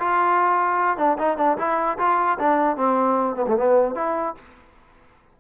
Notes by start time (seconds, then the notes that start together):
0.00 F4
0.98 D4
1.19 D#4
1.38 D4
1.58 E4
1.99 F4
2.39 D4
2.77 C4
3.36 B3
3.47 A3
3.57 B3
3.95 E4